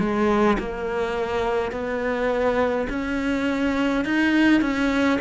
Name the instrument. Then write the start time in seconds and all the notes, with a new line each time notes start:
cello
0.00 G#3
0.59 A#3
1.72 B3
2.90 C#4
4.05 D#4
4.62 C#4